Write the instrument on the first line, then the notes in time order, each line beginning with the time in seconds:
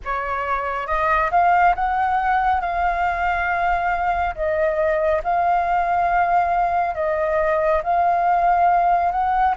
flute
0.04 C#5
0.87 D#5
1.31 F5
1.75 F#5
2.60 F5
4.35 D#5
5.23 F5
6.94 D#5
7.83 F5
9.11 F#5